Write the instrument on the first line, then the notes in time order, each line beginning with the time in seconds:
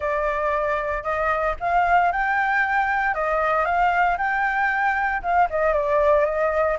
flute
0.00 D5
1.03 D#5
1.60 F5
2.12 G5
3.14 D#5
3.65 F5
4.17 G5
5.22 F5
5.50 D#5
5.73 D5
6.25 D#5